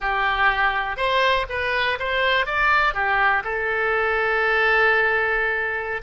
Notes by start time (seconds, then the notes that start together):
0.00 G4
0.96 C5
1.49 B4
1.99 C5
2.46 D5
2.94 G4
3.43 A4